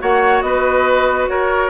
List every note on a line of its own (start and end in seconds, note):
0.00 0.43 A#3
0.00 1.70 F#4
0.00 0.45 C#5
0.00 0.42 F#5
0.42 1.28 B3
0.42 1.31 B4
0.42 1.28 D#5
1.28 1.70 F#4
1.28 1.70 A#4
1.28 1.70 C#5